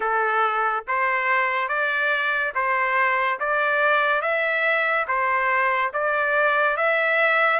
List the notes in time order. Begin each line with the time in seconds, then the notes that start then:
0.00 A4
0.87 C5
1.68 D5
2.54 C5
3.39 D5
4.21 E5
5.07 C5
5.93 D5
6.76 E5